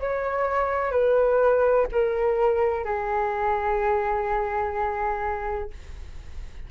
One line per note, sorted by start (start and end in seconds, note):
0.00 0.91 C#5
0.91 1.86 B4
1.92 2.84 A#4
2.84 5.70 G#4